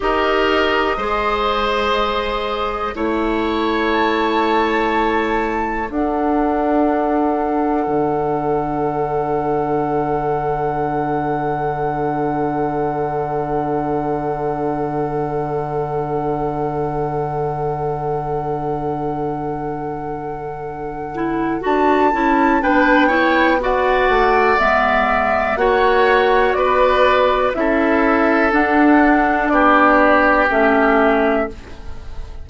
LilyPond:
<<
  \new Staff \with { instrumentName = "flute" } { \time 4/4 \tempo 4 = 61 dis''2. cis''4 | a''2 fis''2~ | fis''1~ | fis''1~ |
fis''1~ | fis''2 a''4 g''4 | fis''4 e''4 fis''4 d''4 | e''4 fis''4 d''4 e''4 | }
  \new Staff \with { instrumentName = "oboe" } { \time 4/4 ais'4 c''2 cis''4~ | cis''2 a'2~ | a'1~ | a'1~ |
a'1~ | a'2. b'8 cis''8 | d''2 cis''4 b'4 | a'2 g'2 | }
  \new Staff \with { instrumentName = "clarinet" } { \time 4/4 g'4 gis'2 e'4~ | e'2 d'2~ | d'1~ | d'1~ |
d'1~ | d'4. e'8 fis'8 e'8 d'8 e'8 | fis'4 b4 fis'2 | e'4 d'2 cis'4 | }
  \new Staff \with { instrumentName = "bassoon" } { \time 4/4 dis'4 gis2 a4~ | a2 d'2 | d1~ | d1~ |
d1~ | d2 d'8 cis'8 b4~ | b8 a8 gis4 ais4 b4 | cis'4 d'4 b4 a4 | }
>>